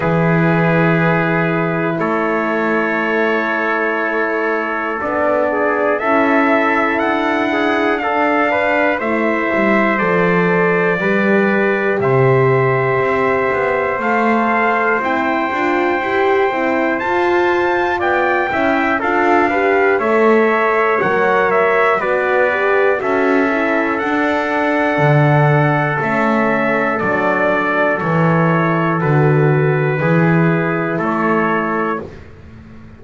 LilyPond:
<<
  \new Staff \with { instrumentName = "trumpet" } { \time 4/4 \tempo 4 = 60 b'2 cis''2~ | cis''4 d''4 e''4 fis''4 | f''4 e''4 d''2 | e''2 f''4 g''4~ |
g''4 a''4 g''4 f''4 | e''4 fis''8 e''8 d''4 e''4 | fis''2 e''4 d''4 | cis''4 b'2 cis''4 | }
  \new Staff \with { instrumentName = "trumpet" } { \time 4/4 gis'2 a'2~ | a'4. gis'8 a'4. gis'8 | a'8 b'8 c''2 b'4 | c''1~ |
c''2 d''8 e''8 a'8 b'8 | cis''2 b'4 a'4~ | a'1~ | a'2 gis'4 a'4 | }
  \new Staff \with { instrumentName = "horn" } { \time 4/4 e'1~ | e'4 d'4 e'2 | d'4 e'4 a'4 g'4~ | g'2 a'4 e'8 f'8 |
g'8 e'8 f'4. e'8 f'8 g'8 | a'4 ais'4 fis'8 g'8 fis'8 e'8 | d'2 cis'4 d'4 | e'4 fis'4 e'2 | }
  \new Staff \with { instrumentName = "double bass" } { \time 4/4 e2 a2~ | a4 b4 cis'4 d'4~ | d'4 a8 g8 f4 g4 | c4 c'8 b8 a4 c'8 d'8 |
e'8 c'8 f'4 b8 cis'8 d'4 | a4 fis4 b4 cis'4 | d'4 d4 a4 fis4 | e4 d4 e4 a4 | }
>>